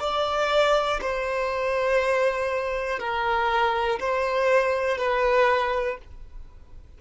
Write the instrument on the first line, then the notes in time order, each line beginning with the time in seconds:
violin
0.00 D5
1.01 C5
2.99 A#4
4.00 C5
4.98 B4